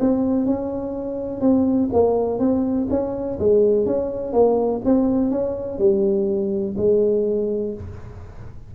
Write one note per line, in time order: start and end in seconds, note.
0.00 0.46 C4
0.46 1.41 C#4
1.41 1.89 C4
1.93 2.39 A#3
2.39 2.88 C4
2.90 3.39 C#4
3.39 3.86 G#3
3.86 4.33 C#4
4.33 4.81 A#3
4.85 5.31 C4
5.31 5.78 C#4
5.78 6.75 G3
6.77 7.74 G#3